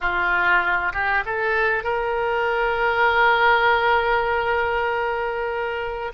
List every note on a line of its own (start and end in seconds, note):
0.01 0.92 F4
0.93 1.24 G4
1.25 1.83 A4
1.83 6.12 A#4